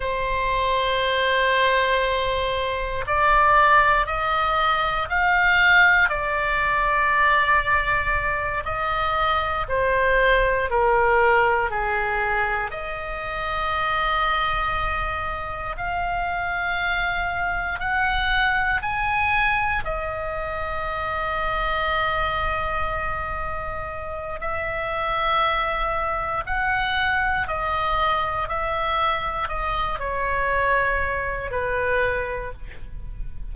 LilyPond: \new Staff \with { instrumentName = "oboe" } { \time 4/4 \tempo 4 = 59 c''2. d''4 | dis''4 f''4 d''2~ | d''8 dis''4 c''4 ais'4 gis'8~ | gis'8 dis''2. f''8~ |
f''4. fis''4 gis''4 dis''8~ | dis''1 | e''2 fis''4 dis''4 | e''4 dis''8 cis''4. b'4 | }